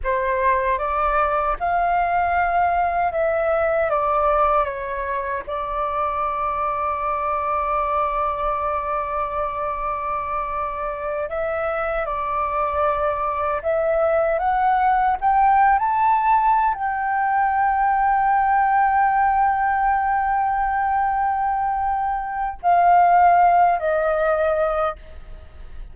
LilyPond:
\new Staff \with { instrumentName = "flute" } { \time 4/4 \tempo 4 = 77 c''4 d''4 f''2 | e''4 d''4 cis''4 d''4~ | d''1~ | d''2~ d''8 e''4 d''8~ |
d''4. e''4 fis''4 g''8~ | g''16 a''4~ a''16 g''2~ g''8~ | g''1~ | g''4 f''4. dis''4. | }